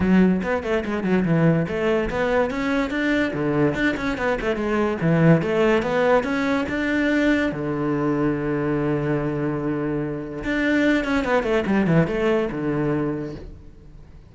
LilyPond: \new Staff \with { instrumentName = "cello" } { \time 4/4 \tempo 4 = 144 fis4 b8 a8 gis8 fis8 e4 | a4 b4 cis'4 d'4 | d4 d'8 cis'8 b8 a8 gis4 | e4 a4 b4 cis'4 |
d'2 d2~ | d1~ | d4 d'4. cis'8 b8 a8 | g8 e8 a4 d2 | }